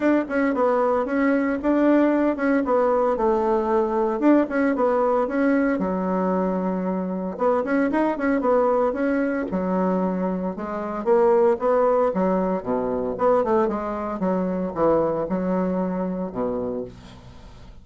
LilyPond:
\new Staff \with { instrumentName = "bassoon" } { \time 4/4 \tempo 4 = 114 d'8 cis'8 b4 cis'4 d'4~ | d'8 cis'8 b4 a2 | d'8 cis'8 b4 cis'4 fis4~ | fis2 b8 cis'8 dis'8 cis'8 |
b4 cis'4 fis2 | gis4 ais4 b4 fis4 | b,4 b8 a8 gis4 fis4 | e4 fis2 b,4 | }